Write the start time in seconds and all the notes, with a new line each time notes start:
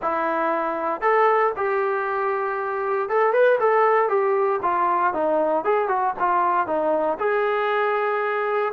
0.01 E4
1.01 A4
1.56 G4
3.09 A4
3.33 B4
3.60 A4
4.08 G4
4.62 F4
5.13 D#4
5.64 G#4
5.88 F#4
6.19 F4
6.66 D#4
7.19 G#4